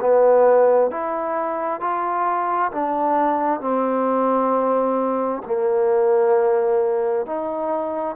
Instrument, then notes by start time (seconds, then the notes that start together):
trombone
0.00 B3
0.90 E4
1.80 F4
2.71 D4
3.60 C4
5.45 A#3
7.26 D#4